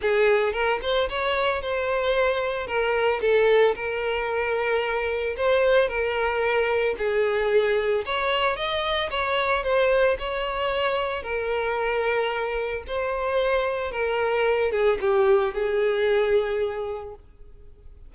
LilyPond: \new Staff \with { instrumentName = "violin" } { \time 4/4 \tempo 4 = 112 gis'4 ais'8 c''8 cis''4 c''4~ | c''4 ais'4 a'4 ais'4~ | ais'2 c''4 ais'4~ | ais'4 gis'2 cis''4 |
dis''4 cis''4 c''4 cis''4~ | cis''4 ais'2. | c''2 ais'4. gis'8 | g'4 gis'2. | }